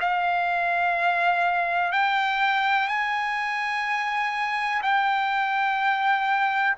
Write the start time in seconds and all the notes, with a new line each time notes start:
0.00 F5
1.92 G5
2.88 G#5
4.82 G5